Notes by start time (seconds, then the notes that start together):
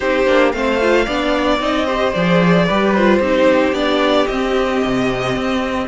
0.00 C4 D#4 G4 C5
0.25 A#3 D4
0.52 A3 C4 C5 F5
0.80 F4
1.05 B3 D4 D5
1.59 C4 D#4 D#5
1.85 G4 C5
2.13 F3 G#4 D5
2.66 G3 G4 B4
2.94 F4 C5
3.19 C4 D#4 G4
3.72 B3 D4 D5
4.26 C4 D#5
4.83 C3
5.35 C4